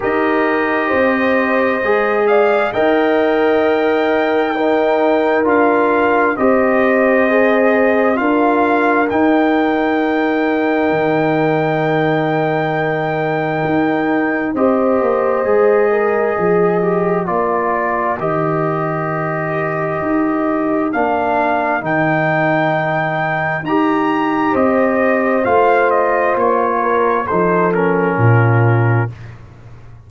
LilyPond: <<
  \new Staff \with { instrumentName = "trumpet" } { \time 4/4 \tempo 4 = 66 dis''2~ dis''8 f''8 g''4~ | g''2 f''4 dis''4~ | dis''4 f''4 g''2~ | g''1 |
dis''2. d''4 | dis''2. f''4 | g''2 ais''4 dis''4 | f''8 dis''8 cis''4 c''8 ais'4. | }
  \new Staff \with { instrumentName = "horn" } { \time 4/4 ais'4 c''4. d''8 dis''4~ | dis''4 ais'2 c''4~ | c''4 ais'2.~ | ais'1 |
c''4. ais'8 gis'4 ais'4~ | ais'1~ | ais'2. c''4~ | c''4. ais'8 a'4 f'4 | }
  \new Staff \with { instrumentName = "trombone" } { \time 4/4 g'2 gis'4 ais'4~ | ais'4 dis'4 f'4 g'4 | gis'4 f'4 dis'2~ | dis'1 |
g'4 gis'4. g'8 f'4 | g'2. d'4 | dis'2 g'2 | f'2 dis'8 cis'4. | }
  \new Staff \with { instrumentName = "tuba" } { \time 4/4 dis'4 c'4 gis4 dis'4~ | dis'2 d'4 c'4~ | c'4 d'4 dis'2 | dis2. dis'4 |
c'8 ais8 gis4 f4 ais4 | dis2 dis'4 ais4 | dis2 dis'4 c'4 | a4 ais4 f4 ais,4 | }
>>